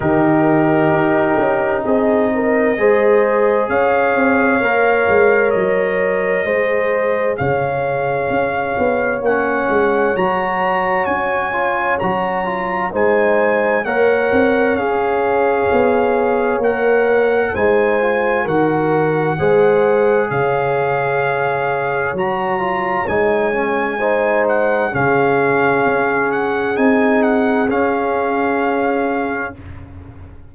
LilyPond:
<<
  \new Staff \with { instrumentName = "trumpet" } { \time 4/4 \tempo 4 = 65 ais'2 dis''2 | f''2 dis''2 | f''2 fis''4 ais''4 | gis''4 ais''4 gis''4 fis''4 |
f''2 fis''4 gis''4 | fis''2 f''2 | ais''4 gis''4. fis''8 f''4~ | f''8 fis''8 gis''8 fis''8 f''2 | }
  \new Staff \with { instrumentName = "horn" } { \time 4/4 g'2 gis'8 ais'8 c''4 | cis''2. c''4 | cis''1~ | cis''2 c''4 cis''4~ |
cis''2. c''4 | ais'4 c''4 cis''2~ | cis''2 c''4 gis'4~ | gis'1 | }
  \new Staff \with { instrumentName = "trombone" } { \time 4/4 dis'2. gis'4~ | gis'4 ais'2 gis'4~ | gis'2 cis'4 fis'4~ | fis'8 f'8 fis'8 f'8 dis'4 ais'4 |
gis'2 ais'4 dis'8 f'8 | fis'4 gis'2. | fis'8 f'8 dis'8 cis'8 dis'4 cis'4~ | cis'4 dis'4 cis'2 | }
  \new Staff \with { instrumentName = "tuba" } { \time 4/4 dis4 dis'8 cis'8 c'4 gis4 | cis'8 c'8 ais8 gis8 fis4 gis4 | cis4 cis'8 b8 ais8 gis8 fis4 | cis'4 fis4 gis4 ais8 c'8 |
cis'4 b4 ais4 gis4 | dis4 gis4 cis2 | fis4 gis2 cis4 | cis'4 c'4 cis'2 | }
>>